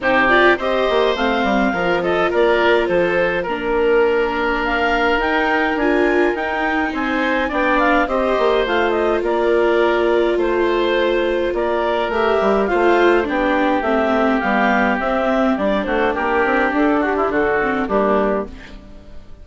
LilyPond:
<<
  \new Staff \with { instrumentName = "clarinet" } { \time 4/4 \tempo 4 = 104 c''8 d''8 dis''4 f''4. dis''8 | d''4 c''4 ais'2 | f''4 g''4 gis''4 g''4 | gis''4 g''8 f''8 dis''4 f''8 dis''8 |
d''2 c''2 | d''4 e''4 f''4 g''4 | e''4 f''4 e''4 d''8 c''8 | ais'4 a'8 g'8 a'4 g'4 | }
  \new Staff \with { instrumentName = "oboe" } { \time 4/4 g'4 c''2 ais'8 a'8 | ais'4 a'4 ais'2~ | ais'1 | c''4 d''4 c''2 |
ais'2 c''2 | ais'2 c''4 g'4~ | g'2.~ g'8 fis'8 | g'4. fis'16 e'16 fis'4 d'4 | }
  \new Staff \with { instrumentName = "viola" } { \time 4/4 dis'8 f'8 g'4 c'4 f'4~ | f'2 d'2~ | d'4 dis'4 f'4 dis'4~ | dis'4 d'4 g'4 f'4~ |
f'1~ | f'4 g'4 f'4 d'4 | c'4 b4 c'4 d'4~ | d'2~ d'8 c'8 ais4 | }
  \new Staff \with { instrumentName = "bassoon" } { \time 4/4 c4 c'8 ais8 a8 g8 f4 | ais4 f4 ais2~ | ais4 dis'4 d'4 dis'4 | c'4 b4 c'8 ais8 a4 |
ais2 a2 | ais4 a8 g8 a4 b4 | a4 g4 c'4 g8 a8 | ais8 c'8 d'4 d4 g4 | }
>>